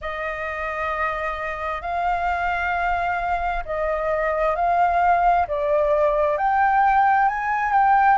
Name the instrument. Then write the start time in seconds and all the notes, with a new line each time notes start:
flute
0.01 D#5
1.81 F5
3.65 D#5
4.55 F5
5.47 D5
6.37 G5
7.28 G#5
7.72 G5